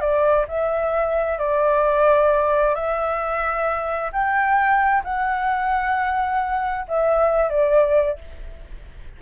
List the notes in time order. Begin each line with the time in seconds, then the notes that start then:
0.00 D5
0.48 E5
1.38 D5
2.75 E5
4.12 G5
5.04 F#5
6.88 E5
7.49 D5